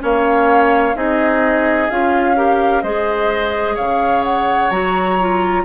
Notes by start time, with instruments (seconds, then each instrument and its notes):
0.00 bassoon A#3, clarinet C#4, oboe C#5, flute F5
0.96 bassoon C4, clarinet D#4, oboe G#4, flute D#5
1.91 bassoon C#4, clarinet F4, flute F5
2.36 clarinet G4, oboe A#4
2.83 bassoon G#3, clarinet G#4, oboe C5, flute D#5
3.75 bassoon C#3, oboe C#5, flute F5
4.24 flute F#5
4.71 bassoon F#3, clarinet F#4, flute A#5
5.21 clarinet F4